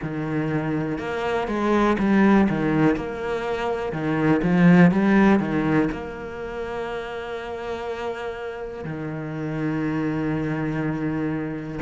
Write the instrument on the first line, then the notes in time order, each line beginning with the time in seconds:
cello
0.02 D#3
0.98 A#3
1.47 G#3
1.99 G3
2.49 D#3
2.96 A#3
3.92 D#3
4.42 F3
4.91 G3
5.39 D#3
5.91 A#3
8.84 D#3